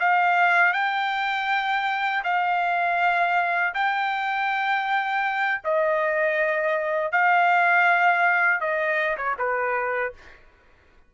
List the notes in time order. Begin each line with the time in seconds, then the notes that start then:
0.00 F5
0.73 G5
2.24 F5
3.74 G5
5.64 D#5
7.12 F5
8.60 D#5
9.17 C#5
9.39 B4